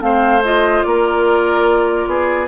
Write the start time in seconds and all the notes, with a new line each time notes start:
0.00 A3 C4 C5 F5
0.44 F4 D#5
0.83 A#3 A#4 D5
2.07 B3 G#4